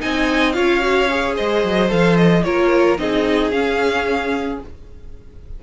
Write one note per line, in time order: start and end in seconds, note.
0.00 0.58 C4
0.00 0.54 D#4
0.00 0.56 D#5
0.00 0.52 G#5
0.52 1.39 C#4
0.52 0.80 F4
0.52 1.35 C#5
0.52 1.34 F5
0.80 1.07 F#4
1.11 1.89 G#4
1.35 1.64 G#3
1.35 2.43 C5
1.35 1.91 D#5
1.64 1.91 F#3
1.89 2.45 F3
1.89 2.43 A4
1.89 2.16 F5
2.16 2.43 D#5
2.43 2.99 A#3
2.43 2.98 F4
2.43 3.00 A#4
2.43 2.97 C#5
2.98 3.51 C4
2.98 3.52 D#4
2.98 4.63 G#4
2.98 3.51 D#5
3.51 4.60 C#4
3.51 4.59 F5